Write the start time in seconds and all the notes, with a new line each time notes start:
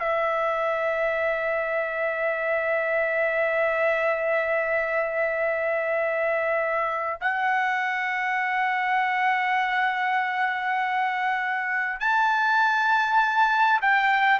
0.00 E5
7.21 F#5
12.01 A5
13.82 G5